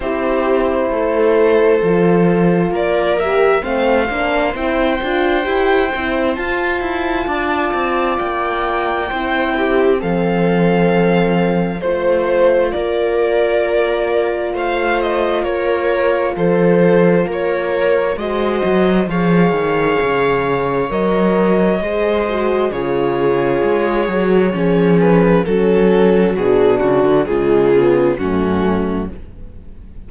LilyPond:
<<
  \new Staff \with { instrumentName = "violin" } { \time 4/4 \tempo 4 = 66 c''2. d''8 e''8 | f''4 g''2 a''4~ | a''4 g''2 f''4~ | f''4 c''4 d''2 |
f''8 dis''8 cis''4 c''4 cis''4 | dis''4 f''2 dis''4~ | dis''4 cis''2~ cis''8 b'8 | a'4 gis'8 fis'8 gis'4 fis'4 | }
  \new Staff \with { instrumentName = "viola" } { \time 4/4 g'4 a'2 ais'4 | c''1 | d''2 c''8 g'8 a'4~ | a'4 c''4 ais'2 |
c''4 ais'4 a'4 ais'4 | c''4 cis''2. | c''4 gis'2 cis'4 | fis'2 f'4 cis'4 | }
  \new Staff \with { instrumentName = "horn" } { \time 4/4 e'2 f'4. g'8 | c'8 d'8 e'8 f'8 g'8 e'8 f'4~ | f'2 e'4 c'4~ | c'4 f'2.~ |
f'1 | fis'4 gis'2 ais'4 | gis'8 fis'8 f'4. fis'8 gis'4 | cis'4 d'4 gis8 b8 a4 | }
  \new Staff \with { instrumentName = "cello" } { \time 4/4 c'4 a4 f4 ais4 | a8 ais8 c'8 d'8 e'8 c'8 f'8 e'8 | d'8 c'8 ais4 c'4 f4~ | f4 a4 ais2 |
a4 ais4 f4 ais4 | gis8 fis8 f8 dis8 cis4 fis4 | gis4 cis4 gis8 fis8 f4 | fis4 b,8 cis16 d16 cis4 fis,4 | }
>>